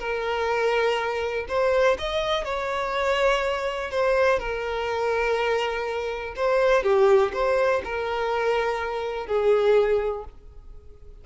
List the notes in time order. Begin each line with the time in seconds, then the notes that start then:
0.00 A#4
1.49 C5
1.99 D#5
2.45 C#5
3.91 C5
4.40 A#4
6.36 C5
6.84 G4
7.34 C5
7.84 A#4
9.27 G#4